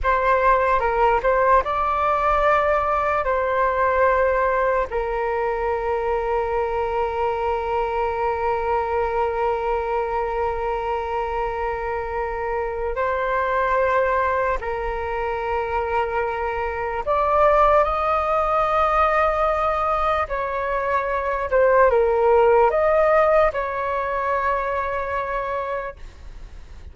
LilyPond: \new Staff \with { instrumentName = "flute" } { \time 4/4 \tempo 4 = 74 c''4 ais'8 c''8 d''2 | c''2 ais'2~ | ais'1~ | ais'1 |
c''2 ais'2~ | ais'4 d''4 dis''2~ | dis''4 cis''4. c''8 ais'4 | dis''4 cis''2. | }